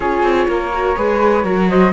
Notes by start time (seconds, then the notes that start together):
0.00 C#4 F4 G#4 C#5
0.22 C4
0.47 A#3 A#4
0.72 F#4
0.95 G#3 G#4 B4
1.44 F#3 F#4 A#4
1.69 C5 D#5